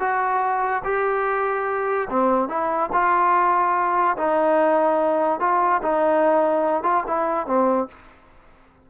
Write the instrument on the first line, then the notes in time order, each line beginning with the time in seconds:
trombone
0.00 F#4
0.84 G4
2.10 C4
2.49 E4
2.93 F4
4.18 D#4
5.40 F4
5.82 D#4
6.84 F4
7.07 E4
7.47 C4